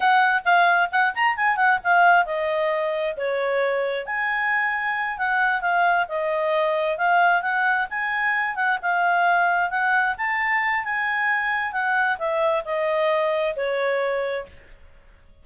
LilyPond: \new Staff \with { instrumentName = "clarinet" } { \time 4/4 \tempo 4 = 133 fis''4 f''4 fis''8 ais''8 gis''8 fis''8 | f''4 dis''2 cis''4~ | cis''4 gis''2~ gis''8 fis''8~ | fis''8 f''4 dis''2 f''8~ |
f''8 fis''4 gis''4. fis''8 f''8~ | f''4. fis''4 a''4. | gis''2 fis''4 e''4 | dis''2 cis''2 | }